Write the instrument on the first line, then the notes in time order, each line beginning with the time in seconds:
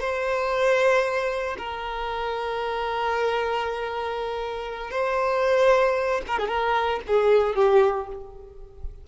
violin
0.00 C5
1.58 A#4
4.91 C5
6.27 A#4
6.39 G#4
6.48 A#4
7.07 G#4
7.55 G4